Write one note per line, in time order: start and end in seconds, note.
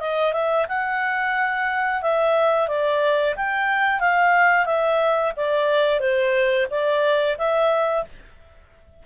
0.00 0.33 D#5
0.33 0.66 E5
0.68 2.02 F#5
2.02 2.68 E5
2.68 3.35 D5
3.36 4.00 G5
4.00 4.66 F5
4.66 5.32 E5
5.36 6.00 D5
6.00 6.67 C5
6.70 7.37 D5
7.38 8.05 E5